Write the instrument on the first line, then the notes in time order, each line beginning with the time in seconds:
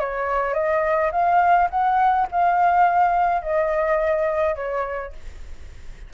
flute
0.00 C#5
0.54 D#5
1.12 F5
1.71 F#5
2.32 F5
3.43 D#5
4.56 C#5